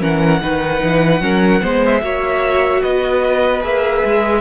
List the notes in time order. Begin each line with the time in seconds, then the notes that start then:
0.00 E3 C#4 A#4 F#5
0.42 D#3 D#4 B4
0.83 E3
1.21 F#3 C#4 A#4
1.61 G#3 B3 C5
1.85 E5
2.01 A#3 F#4 C#5
2.81 B3 B4 D#5
3.61 A#3 G#4 E5
4.04 G#3